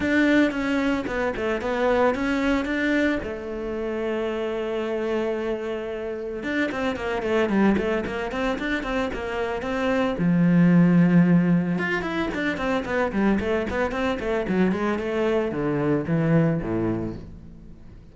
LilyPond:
\new Staff \with { instrumentName = "cello" } { \time 4/4 \tempo 4 = 112 d'4 cis'4 b8 a8 b4 | cis'4 d'4 a2~ | a1 | d'8 c'8 ais8 a8 g8 a8 ais8 c'8 |
d'8 c'8 ais4 c'4 f4~ | f2 f'8 e'8 d'8 c'8 | b8 g8 a8 b8 c'8 a8 fis8 gis8 | a4 d4 e4 a,4 | }